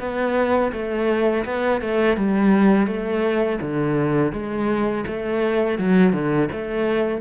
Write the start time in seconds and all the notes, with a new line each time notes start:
0.00 B3
0.73 A3
1.46 B3
1.82 A3
2.17 G3
2.87 A3
3.62 D3
4.33 G#3
5.07 A3
5.79 F#3
6.13 D3
6.52 A3